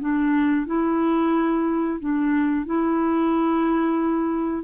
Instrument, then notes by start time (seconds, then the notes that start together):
clarinet
0.00 D4
0.66 E4
2.00 D4
2.65 E4